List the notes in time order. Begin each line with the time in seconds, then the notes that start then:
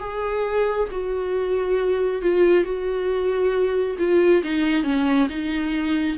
0.00 G#4
0.91 F#4
2.22 F4
2.64 F#4
3.99 F4
4.44 D#4
4.84 C#4
5.29 D#4